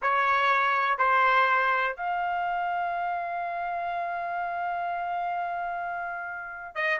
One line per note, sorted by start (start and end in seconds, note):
0.02 0.97 C#5
0.97 1.96 C5
1.96 6.75 F5
6.75 6.99 D#5